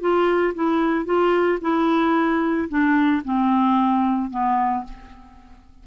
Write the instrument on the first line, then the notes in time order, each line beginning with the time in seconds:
clarinet
0.00 F4
0.54 E4
1.05 F4
1.61 E4
2.68 D4
3.24 C4
4.30 B3